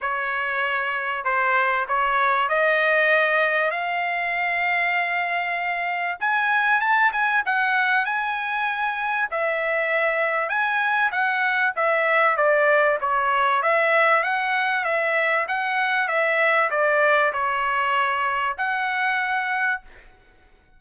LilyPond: \new Staff \with { instrumentName = "trumpet" } { \time 4/4 \tempo 4 = 97 cis''2 c''4 cis''4 | dis''2 f''2~ | f''2 gis''4 a''8 gis''8 | fis''4 gis''2 e''4~ |
e''4 gis''4 fis''4 e''4 | d''4 cis''4 e''4 fis''4 | e''4 fis''4 e''4 d''4 | cis''2 fis''2 | }